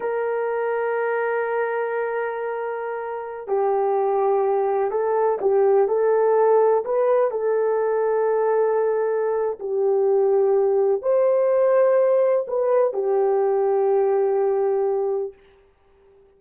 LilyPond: \new Staff \with { instrumentName = "horn" } { \time 4/4 \tempo 4 = 125 ais'1~ | ais'2.~ ais'16 g'8.~ | g'2~ g'16 a'4 g'8.~ | g'16 a'2 b'4 a'8.~ |
a'1 | g'2. c''4~ | c''2 b'4 g'4~ | g'1 | }